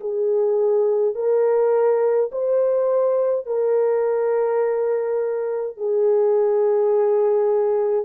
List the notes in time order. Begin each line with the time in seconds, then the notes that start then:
0.00 G#4
1.15 A#4
2.31 C5
3.46 A#4
5.77 G#4